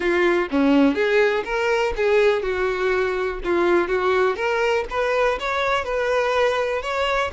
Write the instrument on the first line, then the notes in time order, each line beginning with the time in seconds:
violin
0.00 F4
0.51 C#4
0.94 G#4
1.44 A#4
1.96 G#4
2.42 F#4
3.44 F4
3.88 F#4
4.36 A#4
4.90 B4
5.39 C#5
5.84 B4
6.82 C#5